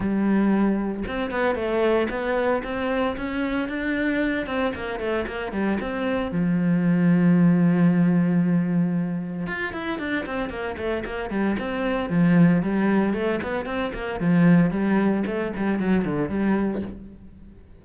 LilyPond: \new Staff \with { instrumentName = "cello" } { \time 4/4 \tempo 4 = 114 g2 c'8 b8 a4 | b4 c'4 cis'4 d'4~ | d'8 c'8 ais8 a8 ais8 g8 c'4 | f1~ |
f2 f'8 e'8 d'8 c'8 | ais8 a8 ais8 g8 c'4 f4 | g4 a8 b8 c'8 ais8 f4 | g4 a8 g8 fis8 d8 g4 | }